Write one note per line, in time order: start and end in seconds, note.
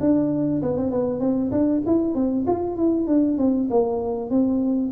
0.00 0.62 D4
0.62 0.77 B3
0.77 0.91 C4
0.91 1.20 B3
1.20 1.51 C4
1.51 1.82 D4
1.86 2.15 E4
2.15 2.45 C4
2.47 2.76 F4
2.76 3.07 E4
3.07 3.38 D4
3.38 3.69 C4
3.70 4.30 A#3
4.30 4.92 C4